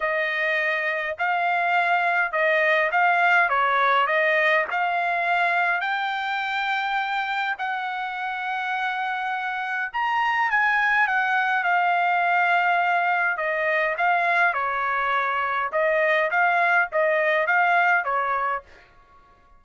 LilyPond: \new Staff \with { instrumentName = "trumpet" } { \time 4/4 \tempo 4 = 103 dis''2 f''2 | dis''4 f''4 cis''4 dis''4 | f''2 g''2~ | g''4 fis''2.~ |
fis''4 ais''4 gis''4 fis''4 | f''2. dis''4 | f''4 cis''2 dis''4 | f''4 dis''4 f''4 cis''4 | }